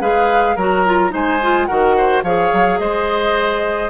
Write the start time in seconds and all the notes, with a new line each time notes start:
0.00 G#3 G#4 B4 F5
0.55 F#3 F#4 A#4 A#5
0.86 F4
1.10 G#3 D#4 C5 G#5
1.42 F4
1.66 D#3 F#4 A#4 F#5
1.97 C5
2.23 F3 G#4 C#5 F5
2.53 F#3
2.79 G#3 C5 D#5